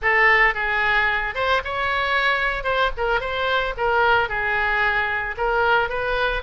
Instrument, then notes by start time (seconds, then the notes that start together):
oboe
0.02 A4
0.54 G#4
1.35 C5
1.64 C#5
2.63 C5
2.97 A#4
3.20 C5
3.77 A#4
4.28 G#4
5.37 A#4
5.89 B4